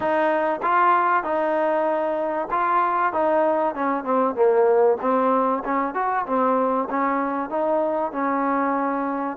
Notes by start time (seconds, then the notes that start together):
0.00 D#4
0.62 F4
1.23 D#4
2.50 F4
3.12 D#4
3.74 C#4
4.04 C4
4.35 A#3
5.00 C4
5.64 C#4
5.94 F#4
6.26 C4
6.90 C#4
7.49 D#4
8.12 C#4